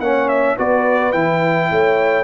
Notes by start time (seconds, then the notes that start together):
0.00 A#3 C#4 C#5 F#5
0.29 E5
0.57 B3 F#4 B4 D5
1.13 E3 E4 G5
1.71 A3 C#5